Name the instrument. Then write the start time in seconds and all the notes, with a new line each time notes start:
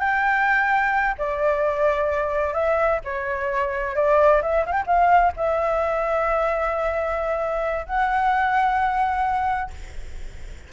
flute
0.00 G5
1.19 D5
2.54 E5
3.05 C#5
3.96 D5
4.42 E5
4.66 F5 G5
4.87 F5
5.37 E5
7.86 F#5